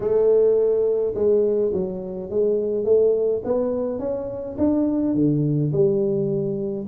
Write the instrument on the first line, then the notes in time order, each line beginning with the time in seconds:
tuba
0.00 A3
1.14 G#3
1.73 F#3
2.30 G#3
2.84 A3
3.44 B3
3.99 C#4
4.57 D4
5.14 D3
5.72 G3